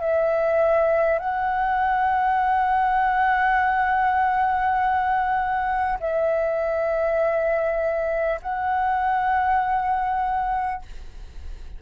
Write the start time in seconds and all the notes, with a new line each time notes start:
0.00 E5
1.18 F#5
5.99 E5
8.42 F#5